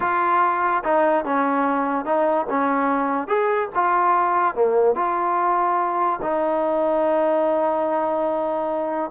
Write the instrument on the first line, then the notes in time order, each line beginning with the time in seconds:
trombone
0.00 F4
0.84 D#4
1.24 C#4
2.05 D#4
2.49 C#4
3.27 G#4
3.74 F4
4.54 A#3
4.95 F4
6.22 D#4